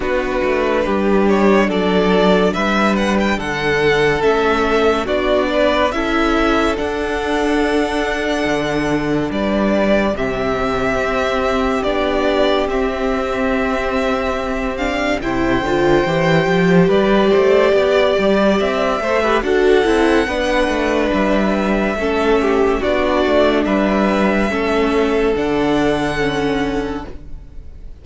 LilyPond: <<
  \new Staff \with { instrumentName = "violin" } { \time 4/4 \tempo 4 = 71 b'4. cis''8 d''4 e''8 fis''16 g''16 | fis''4 e''4 d''4 e''4 | fis''2. d''4 | e''2 d''4 e''4~ |
e''4. f''8 g''2 | d''2 e''4 fis''4~ | fis''4 e''2 d''4 | e''2 fis''2 | }
  \new Staff \with { instrumentName = "violin" } { \time 4/4 fis'4 g'4 a'4 b'4 | a'2 fis'8 b'8 a'4~ | a'2. b'4 | g'1~ |
g'2 c''2 | b'8 c''8 d''4. c''16 b'16 a'4 | b'2 a'8 g'8 fis'4 | b'4 a'2. | }
  \new Staff \with { instrumentName = "viola" } { \time 4/4 d'1~ | d'4 cis'4 d'4 e'4 | d'1 | c'2 d'4 c'4~ |
c'4. d'8 e'8 f'8 g'4~ | g'2~ g'8 a'16 g'16 fis'8 e'8 | d'2 cis'4 d'4~ | d'4 cis'4 d'4 cis'4 | }
  \new Staff \with { instrumentName = "cello" } { \time 4/4 b8 a8 g4 fis4 g4 | d4 a4 b4 cis'4 | d'2 d4 g4 | c4 c'4 b4 c'4~ |
c'2 c8 d8 e8 f8 | g8 a8 b8 g8 c'8 a8 d'8 c'8 | b8 a8 g4 a4 b8 a8 | g4 a4 d2 | }
>>